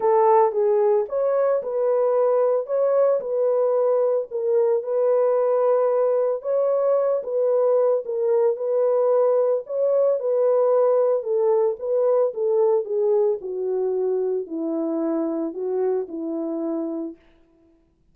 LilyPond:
\new Staff \with { instrumentName = "horn" } { \time 4/4 \tempo 4 = 112 a'4 gis'4 cis''4 b'4~ | b'4 cis''4 b'2 | ais'4 b'2. | cis''4. b'4. ais'4 |
b'2 cis''4 b'4~ | b'4 a'4 b'4 a'4 | gis'4 fis'2 e'4~ | e'4 fis'4 e'2 | }